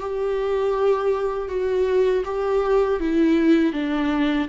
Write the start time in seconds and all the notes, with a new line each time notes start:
0.00 G4
1.49 F#4
2.25 G4
3.00 E4
3.73 D4